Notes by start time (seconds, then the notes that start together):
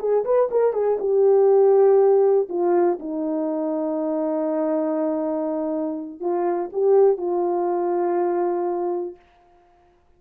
0.00 G#4
0.25 B4
0.52 A#4
0.73 G#4
1.00 G4
2.50 F4
3.00 D#4
6.21 F4
6.73 G4
7.18 F4